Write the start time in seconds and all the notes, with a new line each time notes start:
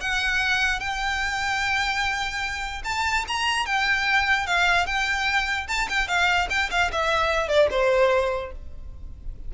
0.00 F#5
0.79 G5
2.84 A5
3.27 A#5
3.65 G5
4.46 F5
4.86 G5
5.67 A5
5.89 G5
6.07 F5
6.49 G5
6.70 F5
6.91 E5
7.48 D5
7.70 C5